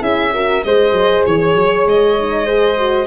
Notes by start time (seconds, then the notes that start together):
0.00 C#4 E4 G#4 E5
0.34 F#4 A#4
0.63 G#3 G#4 C5 D#5
0.92 F#3
1.27 E3 C#5
1.55 F#3
1.86 G#3 D#5
2.19 D#4
2.46 G#4 C5
2.77 F#4